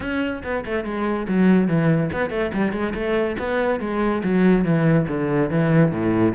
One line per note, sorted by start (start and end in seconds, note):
0.00 0.42 C#4
0.43 0.64 B3
0.65 0.84 A3
0.84 1.26 G#3
1.28 1.67 F#3
1.67 2.10 E3
2.12 2.30 B3
2.30 2.51 A3
2.54 2.72 G3
2.72 2.93 G#3
2.94 3.36 A3
3.38 3.80 B3
3.80 4.22 G#3
4.23 4.64 F#3
4.64 5.06 E3
5.08 5.50 D3
5.50 5.91 E3
5.91 6.34 A2